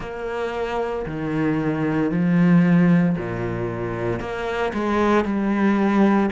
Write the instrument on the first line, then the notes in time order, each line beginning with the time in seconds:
cello
0.00 A#3
1.06 D#3
2.11 F3
3.17 A#2
4.20 A#3
4.73 G#3
5.24 G3